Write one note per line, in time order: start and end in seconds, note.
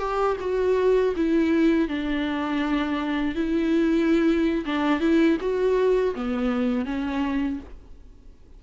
0.00 0.37 G4
0.41 1.15 F#4
1.16 1.89 E4
1.89 3.36 D4
3.36 4.65 E4
4.66 5.01 D4
5.01 5.38 E4
5.41 6.15 F#4
6.15 6.86 B3
6.86 7.60 C#4